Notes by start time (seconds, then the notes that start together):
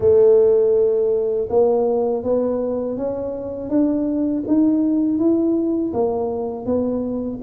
0.00 A3
1.49 A#3
2.23 B3
2.97 C#4
3.69 D4
4.47 D#4
5.18 E4
5.93 A#3
6.65 B3